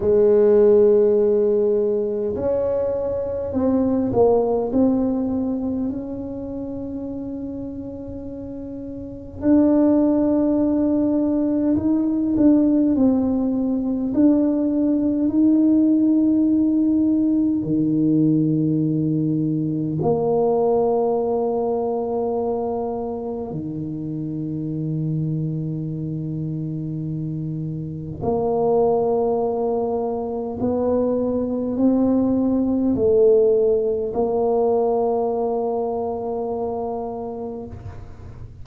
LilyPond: \new Staff \with { instrumentName = "tuba" } { \time 4/4 \tempo 4 = 51 gis2 cis'4 c'8 ais8 | c'4 cis'2. | d'2 dis'8 d'8 c'4 | d'4 dis'2 dis4~ |
dis4 ais2. | dis1 | ais2 b4 c'4 | a4 ais2. | }